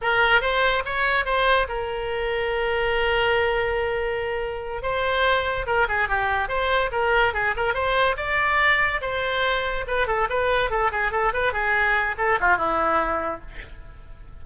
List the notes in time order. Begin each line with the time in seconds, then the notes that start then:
0.01 A#4
0.41 C5
0.85 C#5
1.25 C5
1.68 A#4
4.82 C5
5.66 A#4
5.88 G#4
6.08 G4
6.48 C5
6.91 A#4
7.33 G#4
7.56 A#4
7.74 C5
8.16 D5
9.01 C5
9.87 B4
10.07 A4
10.29 B4
10.70 A4
10.91 G#4
11.11 A4
11.33 B4
11.52 G#4
12.17 A4
12.40 F4
12.57 E4